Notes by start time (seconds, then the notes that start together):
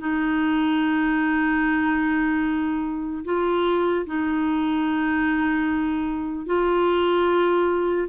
0.00 D#4
3.25 F4
4.07 D#4
6.46 F4